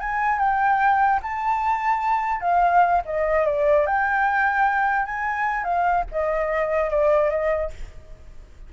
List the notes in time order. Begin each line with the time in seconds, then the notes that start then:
0.00 G#5
0.39 G5
1.23 A5
2.41 F5
3.05 D#5
3.46 D5
3.86 G5
5.05 G#5
5.64 F5
6.12 D#5
6.90 D5
7.30 D#5